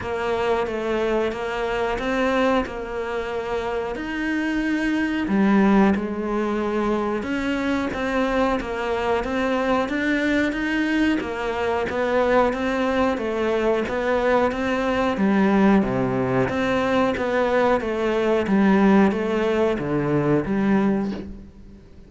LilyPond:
\new Staff \with { instrumentName = "cello" } { \time 4/4 \tempo 4 = 91 ais4 a4 ais4 c'4 | ais2 dis'2 | g4 gis2 cis'4 | c'4 ais4 c'4 d'4 |
dis'4 ais4 b4 c'4 | a4 b4 c'4 g4 | c4 c'4 b4 a4 | g4 a4 d4 g4 | }